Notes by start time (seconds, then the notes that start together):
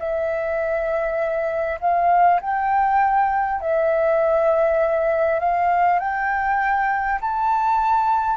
0.00 E5
1.81 F5
2.41 G5
3.61 E5
5.40 F5
6.00 G5
7.21 A5